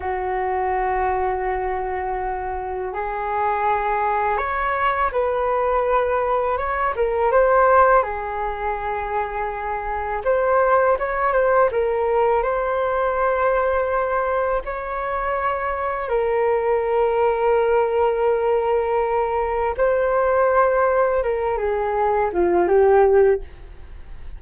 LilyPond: \new Staff \with { instrumentName = "flute" } { \time 4/4 \tempo 4 = 82 fis'1 | gis'2 cis''4 b'4~ | b'4 cis''8 ais'8 c''4 gis'4~ | gis'2 c''4 cis''8 c''8 |
ais'4 c''2. | cis''2 ais'2~ | ais'2. c''4~ | c''4 ais'8 gis'4 f'8 g'4 | }